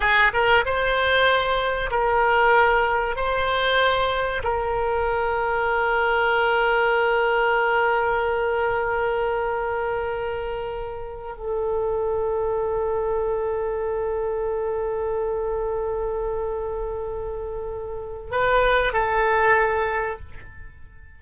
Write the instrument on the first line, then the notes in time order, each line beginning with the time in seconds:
oboe
0.00 G#4
0.33 A#4
0.65 C5
1.90 A#4
3.16 C5
4.43 A#4
11.37 A4
18.31 B4
18.92 A4